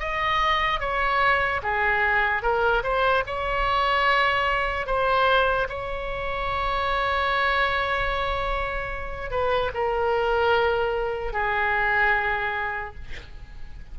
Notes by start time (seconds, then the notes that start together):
0.00 D#5
0.80 C#5
1.63 G#4
2.43 A#4
2.83 C5
3.27 C#5
4.86 C5
5.69 C#5
9.31 B4
9.74 A#4
11.33 G#4